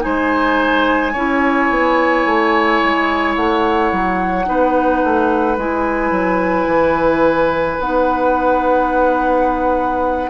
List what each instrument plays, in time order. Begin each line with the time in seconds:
0.00 bassoon G#3, clarinet D#4, oboe C5, flute G#5
1.12 bassoon C#4, clarinet E4, oboe C#5
1.69 bassoon B3
2.25 bassoon A3
2.83 bassoon G#3
3.35 bassoon A3, flute F#5
3.91 bassoon F#3
4.45 bassoon B3, clarinet D#4, oboe B4
5.03 bassoon A3
5.57 bassoon G#3, clarinet E4, flute G#5
6.10 bassoon F#3
6.66 bassoon E3
7.79 bassoon B3, clarinet D#4, flute F#5